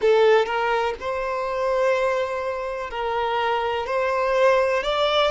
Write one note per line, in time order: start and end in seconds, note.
0.00 0.45 A4
0.45 0.94 A#4
0.99 2.90 C5
2.90 3.86 A#4
3.86 4.83 C5
4.83 5.31 D5